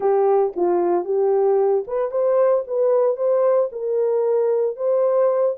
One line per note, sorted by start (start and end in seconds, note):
0.00 0.53 G4
0.56 1.05 F4
1.05 1.84 G4
1.87 2.11 B4
2.11 2.64 C5
2.67 3.16 B4
3.16 3.69 C5
3.72 4.76 A#4
4.76 5.56 C5